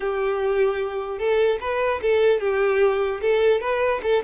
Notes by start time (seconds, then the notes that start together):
0.00 G4
1.18 A4
1.60 B4
2.02 A4
2.40 G4
3.21 A4
3.60 B4
4.03 A4